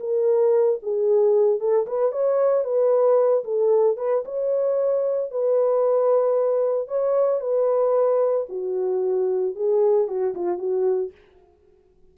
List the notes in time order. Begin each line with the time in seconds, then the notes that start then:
0.00 A#4
0.83 G#4
1.60 A4
1.87 B4
2.12 C#5
2.65 B4
3.44 A4
3.98 B4
4.26 C#5
5.31 B4
6.88 C#5
7.41 B4
8.49 F#4
9.56 G#4
10.08 F#4
10.35 F4
10.59 F#4